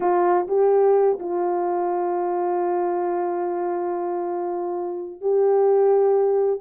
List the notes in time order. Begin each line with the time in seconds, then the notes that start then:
0.00 F4
0.47 G4
1.19 F4
5.21 G4